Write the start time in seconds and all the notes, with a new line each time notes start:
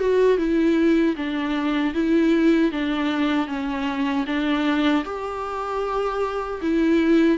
0.00 F#4
0.38 E4
1.17 D4
1.94 E4
2.72 D4
3.47 C#4
4.27 D4
5.05 G4
6.62 E4